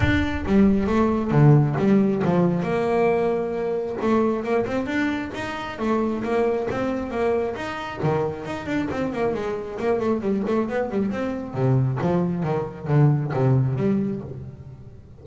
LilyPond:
\new Staff \with { instrumentName = "double bass" } { \time 4/4 \tempo 4 = 135 d'4 g4 a4 d4 | g4 f4 ais2~ | ais4 a4 ais8 c'8 d'4 | dis'4 a4 ais4 c'4 |
ais4 dis'4 dis4 dis'8 d'8 | c'8 ais8 gis4 ais8 a8 g8 a8 | b8 g8 c'4 c4 f4 | dis4 d4 c4 g4 | }